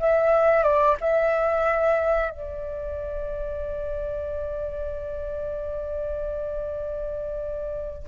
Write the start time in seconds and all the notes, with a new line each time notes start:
0.00 E5
0.63 D5
1.01 E5
2.30 D5